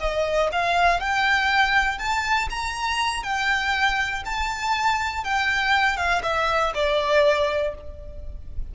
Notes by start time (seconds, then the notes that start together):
0.00 D#5
0.52 F5
1.00 G5
1.98 A5
2.50 A#5
3.23 G5
4.25 A5
5.24 G5
5.97 F5
6.23 E5
6.74 D5